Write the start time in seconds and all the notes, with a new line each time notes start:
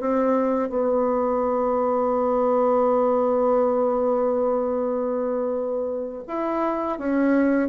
0.00 C4
0.69 B3
6.27 E4
6.98 C#4